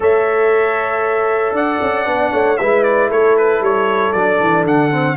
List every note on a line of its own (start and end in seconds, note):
0.00 1.51 A3
0.00 2.05 A4
0.00 1.55 C#5
0.00 1.56 E5
1.51 1.77 D4
1.51 2.32 D5
1.51 2.57 F#5
1.81 2.06 C#4
2.05 2.32 B3
2.05 2.56 D4
2.32 2.58 A3
2.32 2.58 C#5
2.57 3.11 G#3
2.57 4.15 E4
2.57 3.09 B4
2.57 2.83 E5
2.83 3.09 D5
3.09 3.60 A3
3.09 5.16 A4
3.09 3.37 C#5
3.37 3.63 B4
3.60 4.12 G3
3.60 4.12 C#5
4.12 4.40 F#3
4.12 4.91 D4
4.12 4.64 D5
4.41 4.64 E3
4.64 5.16 D3
4.64 5.16 F#5
4.91 5.16 C4